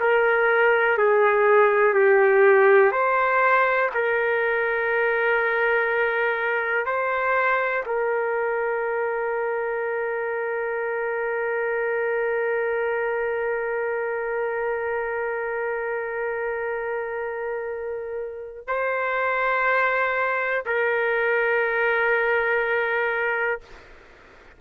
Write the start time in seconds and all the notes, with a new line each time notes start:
0.00 A#4
0.98 G#4
1.94 G4
2.92 C5
3.94 A#4
6.86 C5
7.86 A#4
18.68 C5
20.66 A#4